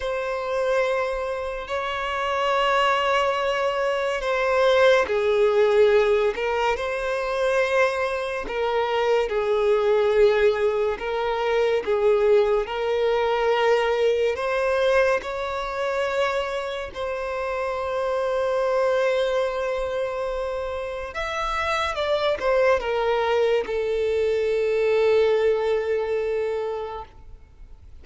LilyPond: \new Staff \with { instrumentName = "violin" } { \time 4/4 \tempo 4 = 71 c''2 cis''2~ | cis''4 c''4 gis'4. ais'8 | c''2 ais'4 gis'4~ | gis'4 ais'4 gis'4 ais'4~ |
ais'4 c''4 cis''2 | c''1~ | c''4 e''4 d''8 c''8 ais'4 | a'1 | }